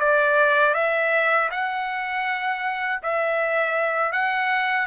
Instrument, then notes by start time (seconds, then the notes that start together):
trumpet
0.00 D5
0.74 E5
1.51 F#5
3.02 E5
4.12 F#5